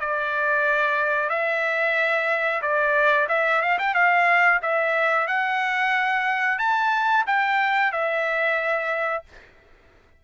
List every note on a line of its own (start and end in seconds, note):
0.00 1.30 D5
1.30 2.62 E5
2.62 3.28 D5
3.29 3.62 E5
3.62 3.79 F5
3.79 3.95 G5
3.95 4.61 F5
4.62 5.28 E5
5.28 6.59 F#5
6.59 7.25 A5
7.27 7.92 G5
7.92 9.24 E5